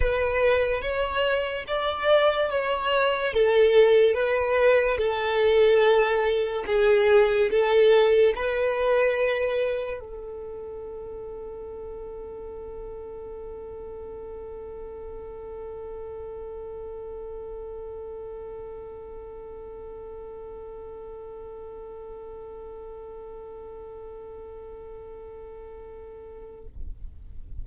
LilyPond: \new Staff \with { instrumentName = "violin" } { \time 4/4 \tempo 4 = 72 b'4 cis''4 d''4 cis''4 | a'4 b'4 a'2 | gis'4 a'4 b'2 | a'1~ |
a'1~ | a'1~ | a'1~ | a'1 | }